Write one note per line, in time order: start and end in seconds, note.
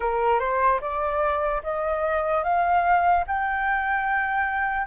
0.00 0.39 A#4
0.39 0.80 C5
0.81 1.62 D5
1.63 2.43 D#5
2.43 3.24 F5
3.27 4.86 G5